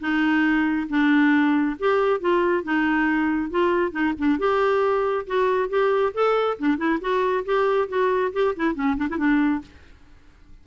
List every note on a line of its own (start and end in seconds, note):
0.00 0.88 D#4
0.89 1.77 D4
1.79 2.21 G4
2.21 2.64 F4
2.64 3.51 D#4
3.51 3.92 F4
3.92 4.13 D#4
4.18 4.39 D4
4.39 5.26 G4
5.27 5.69 F#4
5.69 6.13 G4
6.14 6.58 A4
6.59 6.77 D4
6.77 6.99 E4
7.01 7.45 F#4
7.45 7.89 G4
7.89 8.32 F#4
8.33 8.55 G4
8.56 8.75 E4
8.75 8.97 C#4
8.97 9.08 D4
9.10 9.18 E4
9.18 9.62 D4